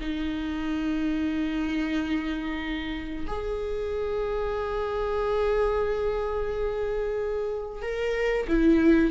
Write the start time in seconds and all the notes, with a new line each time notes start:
0.00 D#4
3.27 G#4
7.82 A#4
8.48 E4